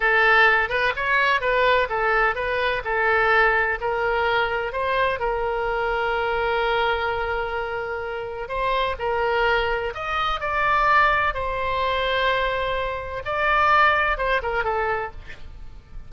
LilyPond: \new Staff \with { instrumentName = "oboe" } { \time 4/4 \tempo 4 = 127 a'4. b'8 cis''4 b'4 | a'4 b'4 a'2 | ais'2 c''4 ais'4~ | ais'1~ |
ais'2 c''4 ais'4~ | ais'4 dis''4 d''2 | c''1 | d''2 c''8 ais'8 a'4 | }